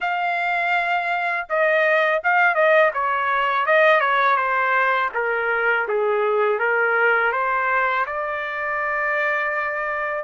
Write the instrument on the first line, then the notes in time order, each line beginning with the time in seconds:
trumpet
0.00 F5
1.49 D#5
2.23 F5
2.54 D#5
2.93 C#5
3.66 D#5
4.00 C#5
4.36 C5
5.14 A#4
5.88 G#4
6.59 A#4
7.32 C5
8.06 D5